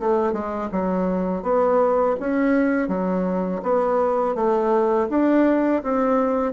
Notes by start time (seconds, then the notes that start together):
0.00 A3
0.33 G#3
0.72 F#3
1.43 B3
2.20 C#4
2.88 F#3
3.63 B3
4.35 A3
5.10 D4
5.83 C4